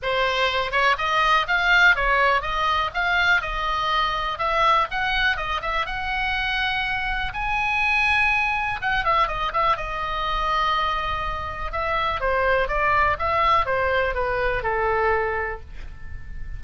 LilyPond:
\new Staff \with { instrumentName = "oboe" } { \time 4/4 \tempo 4 = 123 c''4. cis''8 dis''4 f''4 | cis''4 dis''4 f''4 dis''4~ | dis''4 e''4 fis''4 dis''8 e''8 | fis''2. gis''4~ |
gis''2 fis''8 e''8 dis''8 e''8 | dis''1 | e''4 c''4 d''4 e''4 | c''4 b'4 a'2 | }